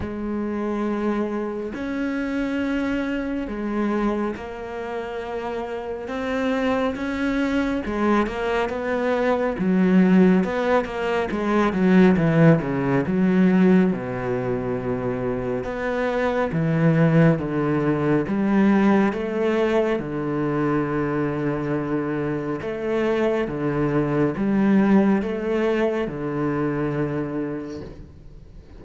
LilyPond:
\new Staff \with { instrumentName = "cello" } { \time 4/4 \tempo 4 = 69 gis2 cis'2 | gis4 ais2 c'4 | cis'4 gis8 ais8 b4 fis4 | b8 ais8 gis8 fis8 e8 cis8 fis4 |
b,2 b4 e4 | d4 g4 a4 d4~ | d2 a4 d4 | g4 a4 d2 | }